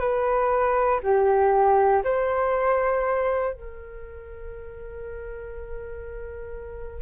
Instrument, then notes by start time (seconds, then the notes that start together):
flute
0.00 B4
1.03 G4
2.04 C5
3.53 A#4